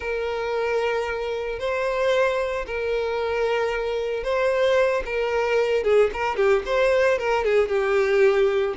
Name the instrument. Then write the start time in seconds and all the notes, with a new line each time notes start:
violin
0.00 A#4
1.59 C5
2.66 A#4
4.23 C5
5.05 A#4
5.83 G#4
6.13 A#4
6.36 G4
6.65 C5
7.18 A#4
7.44 G#4
7.68 G4